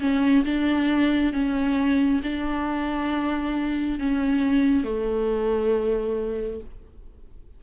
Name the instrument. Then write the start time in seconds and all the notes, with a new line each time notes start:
viola
0.00 C#4
0.45 D4
1.33 C#4
2.23 D4
3.99 C#4
4.84 A3